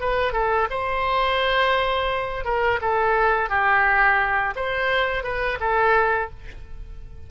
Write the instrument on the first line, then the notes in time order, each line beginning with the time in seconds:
oboe
0.00 B4
0.32 A4
0.70 C5
2.44 A#4
2.81 A4
3.49 G4
4.55 C5
5.23 B4
5.60 A4